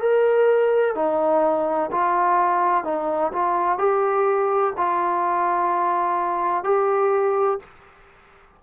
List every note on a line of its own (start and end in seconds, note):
0.00 0.95 A#4
0.95 1.90 D#4
1.92 2.84 F4
2.84 3.32 D#4
3.32 3.78 F4
3.78 4.74 G4
4.77 6.64 F4
6.64 7.59 G4